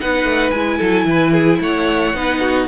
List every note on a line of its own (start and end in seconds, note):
0.00 0.24 B3
0.00 0.54 D#4
0.00 0.78 B4
0.00 0.50 F#5
0.24 0.51 A3
0.50 0.79 G#3
0.50 2.15 E4
0.50 1.59 G#5
0.78 1.05 F#3
0.78 1.05 A4
1.05 1.59 E3
1.05 1.33 B4
1.33 1.60 G#4
1.60 2.13 A3
1.60 2.17 C#5
1.60 2.67 F#5
2.13 2.67 B3
2.13 2.67 D#4
2.13 2.40 B4
2.40 2.67 F#4